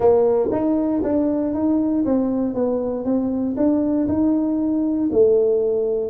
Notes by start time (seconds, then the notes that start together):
0.00 A#3
0.51 D#4
1.03 D4
1.53 D#4
2.05 C4
2.54 B3
3.04 C4
3.56 D4
4.08 D#4
5.11 A3